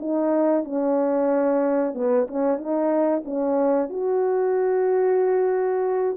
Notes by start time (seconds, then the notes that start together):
0.00 D#4
0.65 C#4
1.95 B3
2.28 C#4
2.58 D#4
3.25 C#4
3.90 F#4